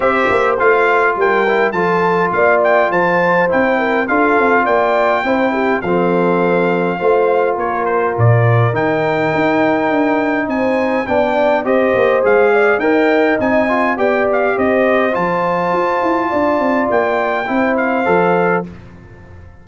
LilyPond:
<<
  \new Staff \with { instrumentName = "trumpet" } { \time 4/4 \tempo 4 = 103 e''4 f''4 g''4 a''4 | f''8 g''8 a''4 g''4 f''4 | g''2 f''2~ | f''4 cis''8 c''8 d''4 g''4~ |
g''2 gis''4 g''4 | dis''4 f''4 g''4 gis''4 | g''8 f''8 dis''4 a''2~ | a''4 g''4. f''4. | }
  \new Staff \with { instrumentName = "horn" } { \time 4/4 c''2 ais'4 a'4 | d''4 c''4. ais'8 a'4 | d''4 c''8 g'8 a'2 | c''4 ais'2.~ |
ais'2 c''4 d''4 | c''4. d''8 dis''2 | d''4 c''2. | d''2 c''2 | }
  \new Staff \with { instrumentName = "trombone" } { \time 4/4 g'4 f'4. e'8 f'4~ | f'2 e'4 f'4~ | f'4 e'4 c'2 | f'2. dis'4~ |
dis'2. d'4 | g'4 gis'4 ais'4 dis'8 f'8 | g'2 f'2~ | f'2 e'4 a'4 | }
  \new Staff \with { instrumentName = "tuba" } { \time 4/4 c'8 ais8 a4 g4 f4 | ais4 f4 c'4 d'8 c'8 | ais4 c'4 f2 | a4 ais4 ais,4 dis4 |
dis'4 d'4 c'4 b4 | c'8 ais8 gis4 dis'4 c'4 | b4 c'4 f4 f'8 e'8 | d'8 c'8 ais4 c'4 f4 | }
>>